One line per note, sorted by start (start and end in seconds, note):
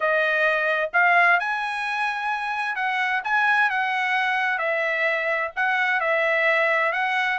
0.00 0.90 D#5
0.93 1.39 F5
1.39 2.75 G#5
2.75 3.21 F#5
3.23 3.69 G#5
3.69 4.58 F#5
4.58 5.50 E5
5.56 6.00 F#5
6.00 6.92 E5
6.92 7.38 F#5